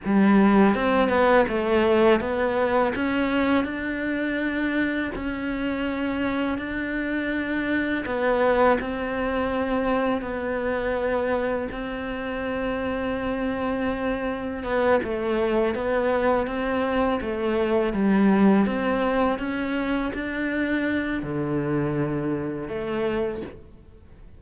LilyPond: \new Staff \with { instrumentName = "cello" } { \time 4/4 \tempo 4 = 82 g4 c'8 b8 a4 b4 | cis'4 d'2 cis'4~ | cis'4 d'2 b4 | c'2 b2 |
c'1 | b8 a4 b4 c'4 a8~ | a8 g4 c'4 cis'4 d'8~ | d'4 d2 a4 | }